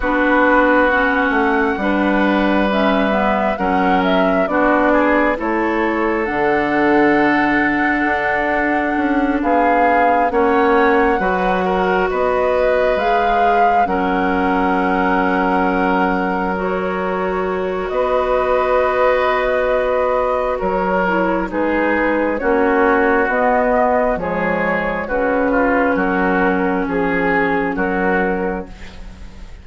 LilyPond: <<
  \new Staff \with { instrumentName = "flute" } { \time 4/4 \tempo 4 = 67 b'4 fis''2 e''4 | fis''8 e''8 d''4 cis''4 fis''4~ | fis''2~ fis''8 f''4 fis''8~ | fis''4. dis''4 f''4 fis''8~ |
fis''2~ fis''8 cis''4. | dis''2. cis''4 | b'4 cis''4 dis''4 cis''4 | b'4 ais'4 gis'4 ais'4 | }
  \new Staff \with { instrumentName = "oboe" } { \time 4/4 fis'2 b'2 | ais'4 fis'8 gis'8 a'2~ | a'2~ a'8 gis'4 cis''8~ | cis''8 b'8 ais'8 b'2 ais'8~ |
ais'1 | b'2. ais'4 | gis'4 fis'2 gis'4 | fis'8 f'8 fis'4 gis'4 fis'4 | }
  \new Staff \with { instrumentName = "clarinet" } { \time 4/4 d'4 cis'4 d'4 cis'8 b8 | cis'4 d'4 e'4 d'4~ | d'2.~ d'8 cis'8~ | cis'8 fis'2 gis'4 cis'8~ |
cis'2~ cis'8 fis'4.~ | fis'2.~ fis'8 e'8 | dis'4 cis'4 b4 gis4 | cis'1 | }
  \new Staff \with { instrumentName = "bassoon" } { \time 4/4 b4. a8 g2 | fis4 b4 a4 d4~ | d4 d'4 cis'8 b4 ais8~ | ais8 fis4 b4 gis4 fis8~ |
fis1 | b2. fis4 | gis4 ais4 b4 f4 | cis4 fis4 f4 fis4 | }
>>